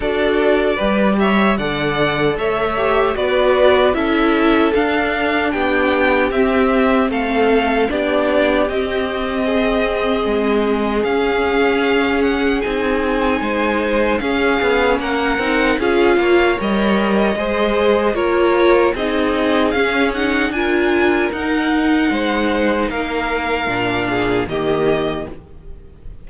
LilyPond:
<<
  \new Staff \with { instrumentName = "violin" } { \time 4/4 \tempo 4 = 76 d''4. e''8 fis''4 e''4 | d''4 e''4 f''4 g''4 | e''4 f''4 d''4 dis''4~ | dis''2 f''4. fis''8 |
gis''2 f''4 fis''4 | f''4 dis''2 cis''4 | dis''4 f''8 fis''8 gis''4 fis''4~ | fis''4 f''2 dis''4 | }
  \new Staff \with { instrumentName = "violin" } { \time 4/4 a'4 b'8 cis''8 d''4 cis''4 | b'4 a'2 g'4~ | g'4 a'4 g'2 | gis'1~ |
gis'4 c''4 gis'4 ais'4 | gis'8 cis''4. c''4 ais'4 | gis'2 ais'2 | c''4 ais'4. gis'8 g'4 | }
  \new Staff \with { instrumentName = "viola" } { \time 4/4 fis'4 g'4 a'4. g'8 | fis'4 e'4 d'2 | c'2 d'4 c'4~ | c'2 cis'2 |
dis'2 cis'4. dis'8 | f'4 ais'4 gis'4 f'4 | dis'4 cis'8 dis'8 f'4 dis'4~ | dis'2 d'4 ais4 | }
  \new Staff \with { instrumentName = "cello" } { \time 4/4 d'4 g4 d4 a4 | b4 cis'4 d'4 b4 | c'4 a4 b4 c'4~ | c'4 gis4 cis'2 |
c'4 gis4 cis'8 b8 ais8 c'8 | cis'8 ais8 g4 gis4 ais4 | c'4 cis'4 d'4 dis'4 | gis4 ais4 ais,4 dis4 | }
>>